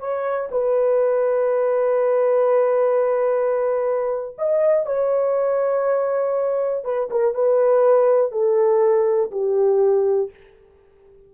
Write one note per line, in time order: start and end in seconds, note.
0.00 0.50 C#5
0.52 4.36 B4
4.39 4.87 D#5
4.87 6.85 C#5
6.85 7.10 B4
7.11 7.35 A#4
7.35 8.32 B4
8.32 9.31 A4
9.32 10.31 G4